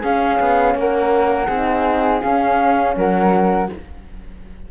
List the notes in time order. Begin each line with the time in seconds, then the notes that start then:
0.00 C#4 G#4 F5
0.39 B3
0.74 A#3 A#4 F#5
1.47 C4 D#4 G#4
2.21 C#4 F5
2.95 F#3 A#4 F#5